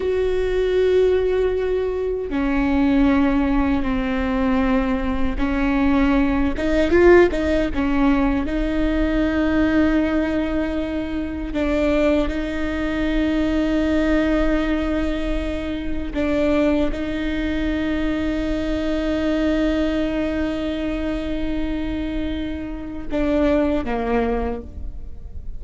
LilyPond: \new Staff \with { instrumentName = "viola" } { \time 4/4 \tempo 4 = 78 fis'2. cis'4~ | cis'4 c'2 cis'4~ | cis'8 dis'8 f'8 dis'8 cis'4 dis'4~ | dis'2. d'4 |
dis'1~ | dis'4 d'4 dis'2~ | dis'1~ | dis'2 d'4 ais4 | }